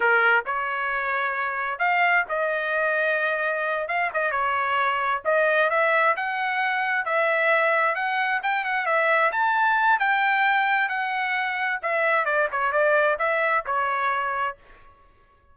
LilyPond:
\new Staff \with { instrumentName = "trumpet" } { \time 4/4 \tempo 4 = 132 ais'4 cis''2. | f''4 dis''2.~ | dis''8 f''8 dis''8 cis''2 dis''8~ | dis''8 e''4 fis''2 e''8~ |
e''4. fis''4 g''8 fis''8 e''8~ | e''8 a''4. g''2 | fis''2 e''4 d''8 cis''8 | d''4 e''4 cis''2 | }